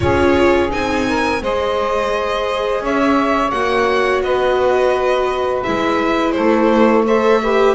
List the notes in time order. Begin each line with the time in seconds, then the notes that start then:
0.00 C#4 F4 G#4 C#5
0.69 C4 D#4 G#5
1.08 A#4
1.41 G#3 G#4 C5 D#5
2.81 C#4 C#5 E5
3.51 A#3 F#4 F#5
4.21 B3 B4 D#5
5.62 G#3 E4 E5
6.31 A4 C5
6.38 A3
7.05 A4 C5 E5
7.42 G4 B4